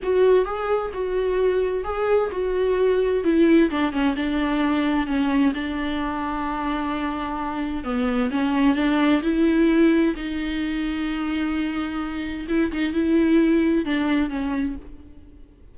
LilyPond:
\new Staff \with { instrumentName = "viola" } { \time 4/4 \tempo 4 = 130 fis'4 gis'4 fis'2 | gis'4 fis'2 e'4 | d'8 cis'8 d'2 cis'4 | d'1~ |
d'4 b4 cis'4 d'4 | e'2 dis'2~ | dis'2. e'8 dis'8 | e'2 d'4 cis'4 | }